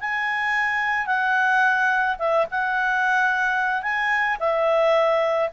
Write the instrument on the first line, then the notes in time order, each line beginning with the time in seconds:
clarinet
0.00 G#5
1.06 F#5
2.19 E5
2.51 F#5
3.82 G#5
4.40 E5